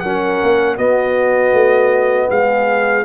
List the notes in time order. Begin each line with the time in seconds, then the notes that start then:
0.00 F#3 C#4 A#4 F#5
0.43 A#3
0.77 B3 F#4 D#5
1.53 A3
2.29 G#3 G#4 F5